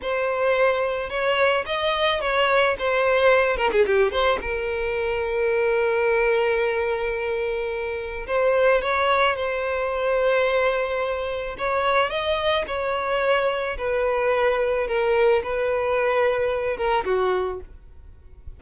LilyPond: \new Staff \with { instrumentName = "violin" } { \time 4/4 \tempo 4 = 109 c''2 cis''4 dis''4 | cis''4 c''4. ais'16 gis'16 g'8 c''8 | ais'1~ | ais'2. c''4 |
cis''4 c''2.~ | c''4 cis''4 dis''4 cis''4~ | cis''4 b'2 ais'4 | b'2~ b'8 ais'8 fis'4 | }